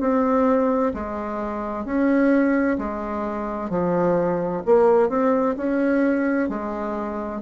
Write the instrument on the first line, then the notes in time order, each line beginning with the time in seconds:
bassoon
0.00 C4
0.93 G#3
1.85 C#4
2.78 G#3
3.69 F3
4.65 A#3
5.09 C4
5.56 C#4
6.49 G#3